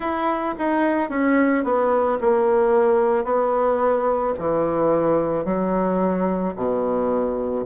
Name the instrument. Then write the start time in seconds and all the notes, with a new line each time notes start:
bassoon
0.00 E4
0.58 D#4
1.09 C#4
1.64 B3
2.20 A#3
3.24 B3
4.38 E3
5.44 F#3
6.56 B2